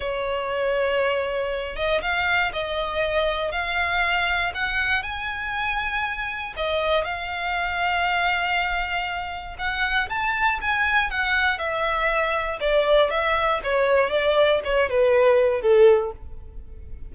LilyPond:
\new Staff \with { instrumentName = "violin" } { \time 4/4 \tempo 4 = 119 cis''2.~ cis''8 dis''8 | f''4 dis''2 f''4~ | f''4 fis''4 gis''2~ | gis''4 dis''4 f''2~ |
f''2. fis''4 | a''4 gis''4 fis''4 e''4~ | e''4 d''4 e''4 cis''4 | d''4 cis''8 b'4. a'4 | }